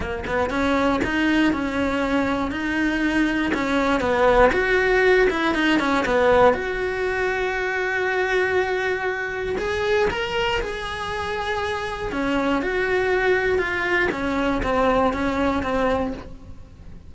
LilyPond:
\new Staff \with { instrumentName = "cello" } { \time 4/4 \tempo 4 = 119 ais8 b8 cis'4 dis'4 cis'4~ | cis'4 dis'2 cis'4 | b4 fis'4. e'8 dis'8 cis'8 | b4 fis'2.~ |
fis'2. gis'4 | ais'4 gis'2. | cis'4 fis'2 f'4 | cis'4 c'4 cis'4 c'4 | }